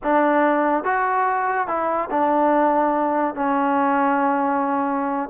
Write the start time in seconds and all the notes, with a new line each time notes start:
0.03 D4
0.84 F#4
1.67 E4
2.10 D4
3.34 C#4